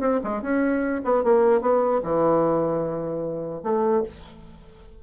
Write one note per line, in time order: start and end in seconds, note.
0.00 0.20 C4
0.23 0.42 G#3
0.42 1.02 C#4
1.04 1.23 B3
1.23 1.61 A#3
1.61 2.01 B3
2.03 3.63 E3
3.63 4.03 A3